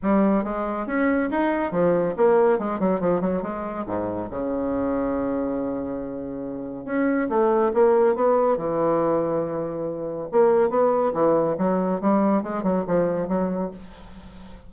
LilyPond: \new Staff \with { instrumentName = "bassoon" } { \time 4/4 \tempo 4 = 140 g4 gis4 cis'4 dis'4 | f4 ais4 gis8 fis8 f8 fis8 | gis4 gis,4 cis2~ | cis1 |
cis'4 a4 ais4 b4 | e1 | ais4 b4 e4 fis4 | g4 gis8 fis8 f4 fis4 | }